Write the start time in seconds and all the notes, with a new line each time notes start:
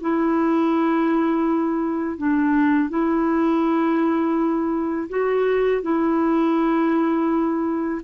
0.00 E4
2.17 D4
2.89 E4
5.09 F#4
5.82 E4